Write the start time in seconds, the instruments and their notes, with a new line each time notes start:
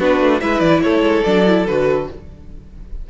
0.00 cello B3, viola D4, violin F#4 B4
0.21 cello A3
0.41 cello G#3, viola E4, violin B4 E5
0.60 cello E3, violin D5
0.83 cello A3, violin A4 C#5
1.02 cello G#3
1.24 cello F#3, viola D4, violin D5
1.47 viola E4
1.67 cello D3, viola F#4, violin B4